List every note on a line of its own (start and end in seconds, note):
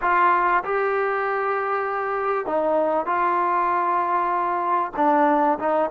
0.01 0.63 F4
0.64 2.46 G4
2.46 3.06 D#4
3.06 4.91 F4
4.96 5.58 D4
5.59 5.90 D#4